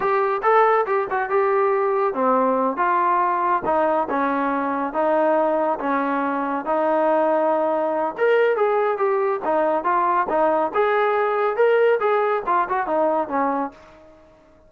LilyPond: \new Staff \with { instrumentName = "trombone" } { \time 4/4 \tempo 4 = 140 g'4 a'4 g'8 fis'8 g'4~ | g'4 c'4. f'4.~ | f'8 dis'4 cis'2 dis'8~ | dis'4. cis'2 dis'8~ |
dis'2. ais'4 | gis'4 g'4 dis'4 f'4 | dis'4 gis'2 ais'4 | gis'4 f'8 fis'8 dis'4 cis'4 | }